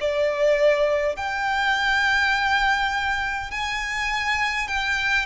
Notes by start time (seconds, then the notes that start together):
0.00 D5
1.16 G5
3.50 G#5
4.67 G5